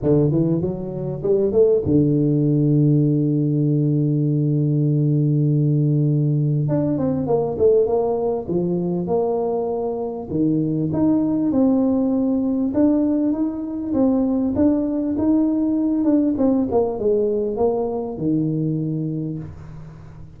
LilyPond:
\new Staff \with { instrumentName = "tuba" } { \time 4/4 \tempo 4 = 99 d8 e8 fis4 g8 a8 d4~ | d1~ | d2. d'8 c'8 | ais8 a8 ais4 f4 ais4~ |
ais4 dis4 dis'4 c'4~ | c'4 d'4 dis'4 c'4 | d'4 dis'4. d'8 c'8 ais8 | gis4 ais4 dis2 | }